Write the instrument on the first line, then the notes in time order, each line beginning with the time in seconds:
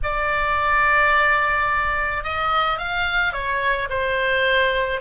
oboe
0.03 D5
2.23 D#5
2.78 F5
3.32 C#5
3.89 C5